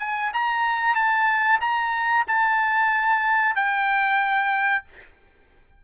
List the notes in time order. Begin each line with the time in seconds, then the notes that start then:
0.00 G#5
0.34 A#5
0.96 A5
1.61 A#5
2.28 A5
3.56 G5